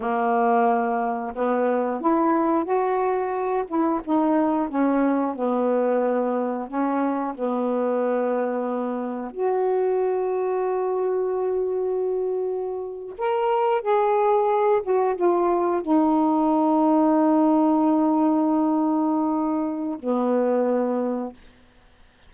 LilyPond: \new Staff \with { instrumentName = "saxophone" } { \time 4/4 \tempo 4 = 90 ais2 b4 e'4 | fis'4. e'8 dis'4 cis'4 | b2 cis'4 b4~ | b2 fis'2~ |
fis'2.~ fis'8. ais'16~ | ais'8. gis'4. fis'8 f'4 dis'16~ | dis'1~ | dis'2 b2 | }